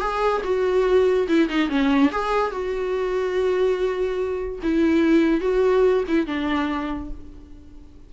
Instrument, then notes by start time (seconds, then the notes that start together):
viola
0.00 G#4
0.44 F#4
1.28 E4
1.48 D#4
1.69 C#4
2.12 G#4
2.51 F#4
4.63 E4
5.41 F#4
6.08 E4
6.26 D4